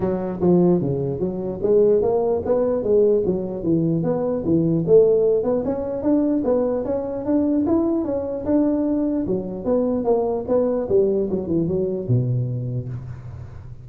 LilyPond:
\new Staff \with { instrumentName = "tuba" } { \time 4/4 \tempo 4 = 149 fis4 f4 cis4 fis4 | gis4 ais4 b4 gis4 | fis4 e4 b4 e4 | a4. b8 cis'4 d'4 |
b4 cis'4 d'4 e'4 | cis'4 d'2 fis4 | b4 ais4 b4 g4 | fis8 e8 fis4 b,2 | }